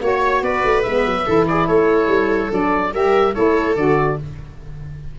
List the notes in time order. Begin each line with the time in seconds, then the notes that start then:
0.00 A#3 F#4 C#5
0.41 B3 B4 D5
0.64 A3
0.82 G#3 B3 E5
1.05 F#3
1.25 E3 E4 A4
1.47 G#4 D5
1.66 A3 A4 C#5
2.07 G3
2.50 F#3 D4 D5
2.93 G3 G4 A#4 E5
3.34 A3 E4 A4 C#5
3.76 D3 F#4 D5